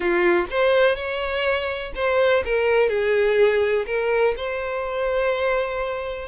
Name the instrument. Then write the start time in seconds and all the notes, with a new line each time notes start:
violin
0.00 F4
0.50 C5
0.95 C#5
1.95 C5
2.44 A#4
2.89 G#4
3.86 A#4
4.36 C5